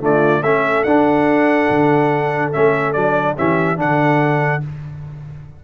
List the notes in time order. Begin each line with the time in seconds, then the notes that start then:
0.00 D3 A3 F4 D5
0.42 A3 C#4 A4 E5
0.84 D4 F#5
1.70 D3
2.52 A3 C#4 E5
2.93 F#3 D4 D5
3.37 E3 C#4 G4 E5
3.76 D3 D4 A4 F#5